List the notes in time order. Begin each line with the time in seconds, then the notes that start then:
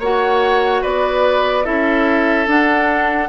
0.00 A#3 F#4 C#5 F#5
0.83 B3 B4 D5
1.65 C#4 E4 A4 E5
2.47 D4 F#5